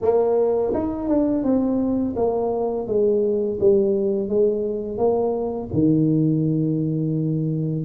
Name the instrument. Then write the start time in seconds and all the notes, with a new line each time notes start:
tuba
0.01 A#3
0.74 D#4
1.08 D4
1.43 C4
2.16 A#3
2.87 G#3
3.59 G3
4.29 G#3
4.97 A#3
5.73 D#3